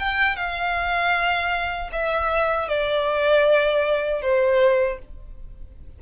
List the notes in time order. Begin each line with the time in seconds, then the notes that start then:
0.00 G5
0.37 F5
1.93 E5
2.69 D5
4.22 C5